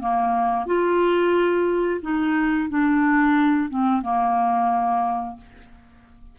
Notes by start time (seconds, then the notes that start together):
0.00 A#3
0.66 F4
2.02 D#4
2.69 D4
3.69 C4
4.02 A#3